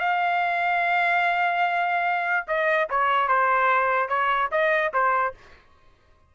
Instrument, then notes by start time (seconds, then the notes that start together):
trumpet
0.00 F5
2.48 D#5
2.90 C#5
3.28 C5
4.09 C#5
4.52 D#5
4.94 C5